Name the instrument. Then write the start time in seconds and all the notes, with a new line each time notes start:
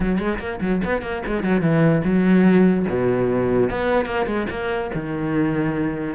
cello
0.00 F#3
0.18 G#3
0.39 A#3
0.61 F#3
0.84 B3
1.02 A#3
1.26 G#3
1.43 F#3
1.61 E3
2.04 F#3
2.89 B2
3.69 B3
4.05 A#3
4.26 G#3
4.50 A#3
4.94 D#3